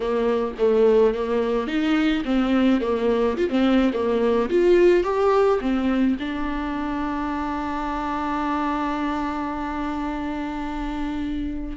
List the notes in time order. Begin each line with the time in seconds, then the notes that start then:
0.00 A#3
0.58 A3
1.14 A#3
1.67 D#4
2.24 C4
2.80 A#3
3.37 F4
3.49 C4
3.93 A#3
4.49 F4
5.03 G4
5.60 C4
6.19 D4